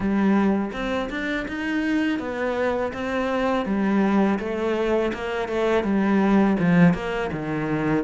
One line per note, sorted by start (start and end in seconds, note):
0.00 0.71 G3
0.73 1.09 C4
1.10 1.46 D4
1.48 2.19 D#4
2.19 2.92 B3
2.93 3.66 C4
3.66 4.39 G3
4.39 5.12 A3
5.13 5.48 A#3
5.48 5.83 A3
5.83 6.57 G3
6.59 6.93 F3
6.93 7.30 A#3
7.32 8.04 D#3